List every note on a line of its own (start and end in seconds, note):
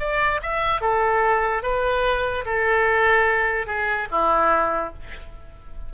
0.00 0.41 D5
0.43 0.81 E5
0.81 1.63 A4
1.63 2.45 B4
2.46 3.67 A4
3.67 4.08 G#4
4.12 4.94 E4